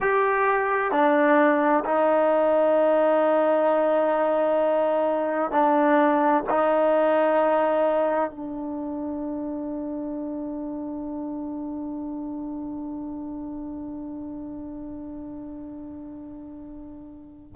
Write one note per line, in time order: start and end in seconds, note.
0.00 0.91 G4
0.91 1.84 D4
1.84 5.51 D#4
5.51 6.43 D4
6.49 8.30 D#4
8.30 17.53 D4